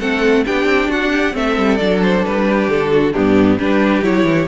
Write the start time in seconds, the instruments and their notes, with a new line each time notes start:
0.00 cello A3, viola C4, violin A4 F#5
0.46 cello B3, viola D4, violin G4 G5
0.65 cello C4
0.90 cello D4, violin F#4 F#5
1.12 violin G4
1.33 cello A3, viola C4, violin A4 E5
1.57 cello G3
1.77 cello F#3, viola D4, violin D5
2.03 violin C5
2.26 cello G3, violin B4
2.49 violin G4
2.69 cello D3, violin A4
2.92 violin F#4
3.13 cello G2, viola B3, violin D4 G4
3.58 cello G3, viola D4, violin G4 B4
4.03 cello F#3, viola E4, violin C#5
4.25 cello E3